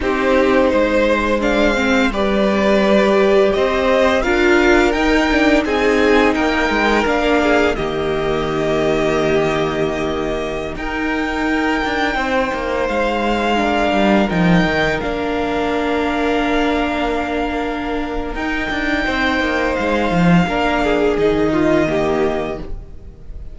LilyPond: <<
  \new Staff \with { instrumentName = "violin" } { \time 4/4 \tempo 4 = 85 c''2. d''4~ | d''4 dis''4 f''4 g''4 | gis''4 g''4 f''4 dis''4~ | dis''2.~ dis''16 g''8.~ |
g''2~ g''16 f''4.~ f''16~ | f''16 g''4 f''2~ f''8.~ | f''2 g''2 | f''2 dis''2 | }
  \new Staff \with { instrumentName = "violin" } { \time 4/4 g'4 c''4 f''4 b'4~ | b'4 c''4 ais'2 | gis'4 ais'4. gis'8 g'4~ | g'2.~ g'16 ais'8.~ |
ais'4~ ais'16 c''2 ais'8.~ | ais'1~ | ais'2. c''4~ | c''4 ais'8 gis'4 f'8 g'4 | }
  \new Staff \with { instrumentName = "viola" } { \time 4/4 dis'2 d'8 c'8 g'4~ | g'2 f'4 dis'8 d'8 | dis'2 d'4 ais4~ | ais2.~ ais16 dis'8.~ |
dis'2.~ dis'16 d'8.~ | d'16 dis'4 d'2~ d'8.~ | d'2 dis'2~ | dis'4 d'4 dis'4 ais4 | }
  \new Staff \with { instrumentName = "cello" } { \time 4/4 c'4 gis2 g4~ | g4 c'4 d'4 dis'4 | c'4 ais8 gis8 ais4 dis4~ | dis2.~ dis16 dis'8.~ |
dis'8. d'8 c'8 ais8 gis4. g16~ | g16 f8 dis8 ais2~ ais8.~ | ais2 dis'8 d'8 c'8 ais8 | gis8 f8 ais4 dis2 | }
>>